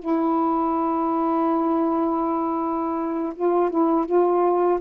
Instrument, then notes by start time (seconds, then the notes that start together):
saxophone
0.00 E4
3.35 F4
3.70 E4
4.06 F4